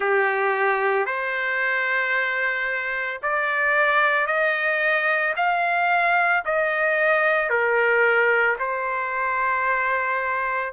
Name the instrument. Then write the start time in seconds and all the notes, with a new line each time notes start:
trumpet
0.00 G4
1.06 C5
3.22 D5
4.27 D#5
5.36 F5
6.45 D#5
7.49 A#4
8.59 C5